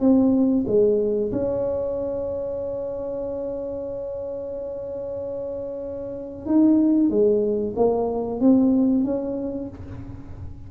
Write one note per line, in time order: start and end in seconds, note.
0.00 0.65 C4
0.67 1.31 G#3
1.32 6.46 C#4
6.46 7.10 D#4
7.10 7.74 G#3
7.76 8.40 A#3
8.40 9.04 C4
9.04 9.69 C#4